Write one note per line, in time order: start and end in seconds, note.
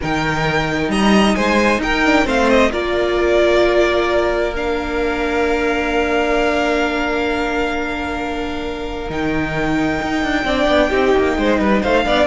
0.00 0.88 D#3
0.00 2.04 D#4
0.00 0.91 A#4
0.00 0.90 G5
0.88 1.34 G3
0.88 1.36 D#5
0.88 1.35 A#5
1.35 1.78 G#3
1.35 1.81 C5
1.35 1.80 G#5
1.78 2.23 D#4
1.78 2.25 A#4
1.78 2.27 G5
2.04 2.24 D4
2.24 2.71 A3
2.24 2.70 C4
2.24 2.71 C5
2.24 2.49 F5
2.49 2.71 D#5
2.71 9.09 A#3
2.71 4.53 F4
2.71 10.43 A#4
2.71 4.54 D5
4.54 9.08 D4
4.54 9.10 F5
9.08 10.00 D#3
9.08 10.45 D#4
9.08 11.83 G5
10.01 10.23 D#4
10.23 10.44 D4
10.44 10.67 C4
10.44 10.90 D4
10.44 10.89 D5
10.67 10.90 B3
10.89 11.14 C4
10.89 12.04 D#4
10.89 11.35 G4
11.18 11.37 A#3
11.37 11.59 G#3
11.37 11.60 C5
11.59 11.82 G3
11.59 11.82 B4
11.82 12.05 A3
11.82 12.04 C5
11.82 12.26 F5
12.04 12.26 B3
12.04 12.26 D4
12.04 12.26 D5